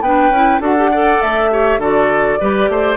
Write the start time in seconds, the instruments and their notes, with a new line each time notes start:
0.00 bassoon B3, clarinet D4, oboe B4, flute G5
0.29 bassoon C#4, clarinet E4
0.60 bassoon D4, clarinet F#4, oboe A4, flute F#5
0.77 clarinet G4
0.91 clarinet A4, oboe D5
1.21 bassoon A3, flute E5
1.51 clarinet G4, oboe C#5
1.78 bassoon D3, clarinet F#4, oboe A4, flute D5
2.39 bassoon G3, clarinet G4, oboe B4
2.69 bassoon A3, oboe C5